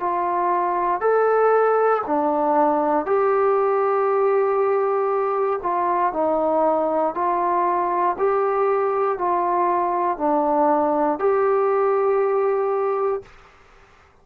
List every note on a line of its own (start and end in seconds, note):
0.00 1.01 F4
1.01 2.02 A4
2.07 3.06 D4
3.06 5.60 G4
5.63 6.13 F4
6.13 7.15 D#4
7.15 8.16 F4
8.18 9.18 G4
9.18 10.18 F4
10.18 11.19 D4
11.19 13.22 G4